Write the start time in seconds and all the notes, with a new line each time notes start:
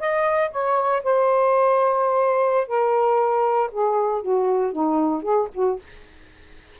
0.00 D#5
0.52 C#5
1.03 C5
2.68 A#4
3.72 G#4
4.22 F#4
4.72 D#4
5.23 G#4
5.54 F#4